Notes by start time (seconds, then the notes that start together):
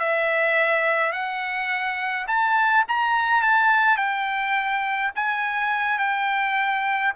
0.00 E5
1.12 F#5
2.28 A5
2.89 A#5
3.43 A5
3.97 G5
5.16 G#5
5.99 G5